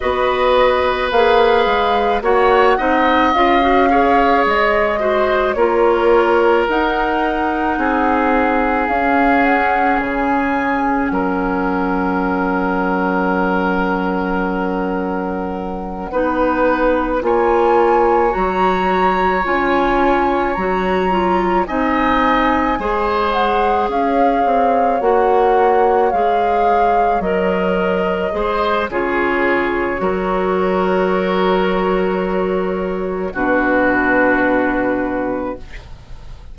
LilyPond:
<<
  \new Staff \with { instrumentName = "flute" } { \time 4/4 \tempo 4 = 54 dis''4 f''4 fis''4 f''4 | dis''4 cis''4 fis''2 | f''8 fis''8 gis''4 fis''2~ | fis''2.~ fis''8 gis''8~ |
gis''8 ais''4 gis''4 ais''4 gis''8~ | gis''4 fis''8 f''4 fis''4 f''8~ | f''8 dis''4. cis''2~ | cis''2 b'2 | }
  \new Staff \with { instrumentName = "oboe" } { \time 4/4 b'2 cis''8 dis''4 cis''8~ | cis''8 c''8 ais'2 gis'4~ | gis'2 ais'2~ | ais'2~ ais'8 b'4 cis''8~ |
cis''2.~ cis''8 dis''8~ | dis''8 c''4 cis''2~ cis''8~ | cis''4. c''8 gis'4 ais'4~ | ais'2 fis'2 | }
  \new Staff \with { instrumentName = "clarinet" } { \time 4/4 fis'4 gis'4 fis'8 dis'8 f'16 fis'16 gis'8~ | gis'8 fis'8 f'4 dis'2 | cis'1~ | cis'2~ cis'8 dis'4 f'8~ |
f'8 fis'4 f'4 fis'8 f'8 dis'8~ | dis'8 gis'2 fis'4 gis'8~ | gis'8 ais'4 gis'8 f'4 fis'4~ | fis'2 d'2 | }
  \new Staff \with { instrumentName = "bassoon" } { \time 4/4 b4 ais8 gis8 ais8 c'8 cis'4 | gis4 ais4 dis'4 c'4 | cis'4 cis4 fis2~ | fis2~ fis8 b4 ais8~ |
ais8 fis4 cis'4 fis4 c'8~ | c'8 gis4 cis'8 c'8 ais4 gis8~ | gis8 fis4 gis8 cis4 fis4~ | fis2 b,2 | }
>>